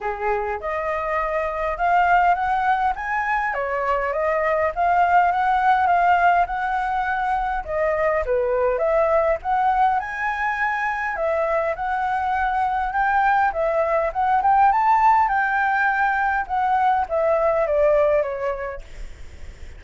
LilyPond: \new Staff \with { instrumentName = "flute" } { \time 4/4 \tempo 4 = 102 gis'4 dis''2 f''4 | fis''4 gis''4 cis''4 dis''4 | f''4 fis''4 f''4 fis''4~ | fis''4 dis''4 b'4 e''4 |
fis''4 gis''2 e''4 | fis''2 g''4 e''4 | fis''8 g''8 a''4 g''2 | fis''4 e''4 d''4 cis''4 | }